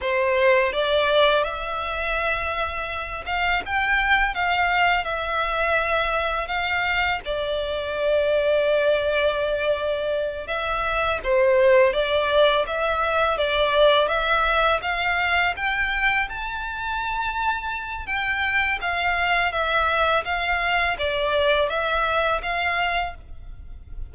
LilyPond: \new Staff \with { instrumentName = "violin" } { \time 4/4 \tempo 4 = 83 c''4 d''4 e''2~ | e''8 f''8 g''4 f''4 e''4~ | e''4 f''4 d''2~ | d''2~ d''8 e''4 c''8~ |
c''8 d''4 e''4 d''4 e''8~ | e''8 f''4 g''4 a''4.~ | a''4 g''4 f''4 e''4 | f''4 d''4 e''4 f''4 | }